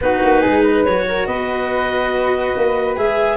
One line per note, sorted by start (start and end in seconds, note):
0.01 0.22 B3
0.01 0.86 D#4
0.01 0.41 F#4
0.01 0.84 B4
0.23 0.44 A#3
0.41 0.87 G#3
0.41 0.62 G#4
0.62 1.04 B4
0.84 1.26 F#3
0.84 2.96 F#4
0.84 1.26 C#5
1.08 1.27 A#4
1.26 2.53 B3
1.26 3.37 B4
1.26 2.95 D#5
2.56 2.97 A#3
2.96 3.37 G#3
2.96 3.37 G#4
2.96 3.37 E5